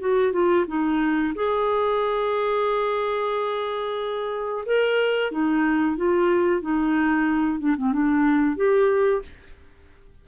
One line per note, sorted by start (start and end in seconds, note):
0.00 0.33 F#4
0.33 0.66 F4
0.68 1.34 D#4
1.35 4.65 G#4
4.66 5.31 A#4
5.31 5.97 D#4
5.97 6.62 F4
6.62 7.59 D#4
7.59 7.76 D4
7.78 7.93 C4
7.93 8.57 D4
8.57 9.22 G4